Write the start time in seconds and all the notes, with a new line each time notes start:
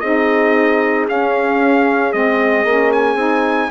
0.00 C4 D#4 G#4 D#5
1.08 C#4 F5
2.12 G#3 C4 D#5
2.64 A#3 C#4
2.92 G#5
3.15 C4 D#4